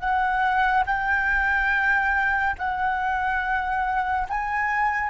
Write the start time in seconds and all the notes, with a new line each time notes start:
0.00 F#5
0.87 G5
2.59 F#5
4.29 G#5